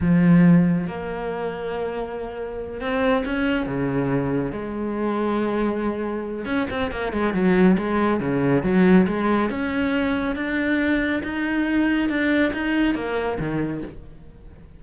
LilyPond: \new Staff \with { instrumentName = "cello" } { \time 4/4 \tempo 4 = 139 f2 ais2~ | ais2~ ais8 c'4 cis'8~ | cis'8 cis2 gis4.~ | gis2. cis'8 c'8 |
ais8 gis8 fis4 gis4 cis4 | fis4 gis4 cis'2 | d'2 dis'2 | d'4 dis'4 ais4 dis4 | }